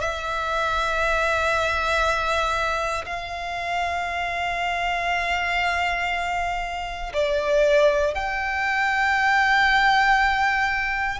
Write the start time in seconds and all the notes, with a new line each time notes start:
0.00 E5
3.06 F5
7.14 D5
8.14 G5